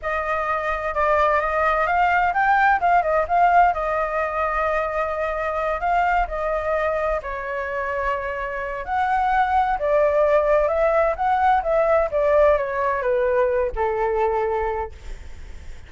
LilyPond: \new Staff \with { instrumentName = "flute" } { \time 4/4 \tempo 4 = 129 dis''2 d''4 dis''4 | f''4 g''4 f''8 dis''8 f''4 | dis''1~ | dis''8 f''4 dis''2 cis''8~ |
cis''2. fis''4~ | fis''4 d''2 e''4 | fis''4 e''4 d''4 cis''4 | b'4. a'2~ a'8 | }